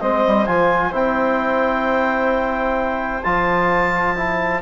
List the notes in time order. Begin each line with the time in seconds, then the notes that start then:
0.00 G#3 C4 C5 D#5
0.27 G3
0.46 F3 F4 G#5
0.92 C4 E4 G5
3.23 F3 F4 A5
4.16 E4